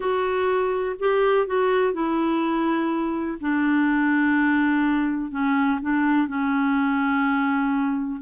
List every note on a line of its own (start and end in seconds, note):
0.00 0.96 F#4
0.99 1.46 G4
1.46 1.93 F#4
1.93 3.38 E4
3.40 5.31 D4
5.31 5.79 C#4
5.81 6.27 D4
6.27 8.21 C#4